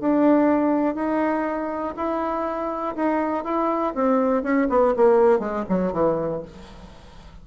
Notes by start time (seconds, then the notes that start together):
0.00 D4
0.95 D#4
1.96 E4
2.95 D#4
3.44 E4
3.94 C4
4.43 C#4
4.69 B3
4.96 A#3
5.39 G#3
5.69 F#3
5.92 E3